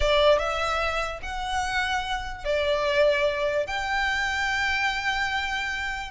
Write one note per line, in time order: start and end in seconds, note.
0.00 0.39 D5
0.39 1.20 E5
1.22 2.44 F#5
2.44 3.66 D5
3.67 6.10 G5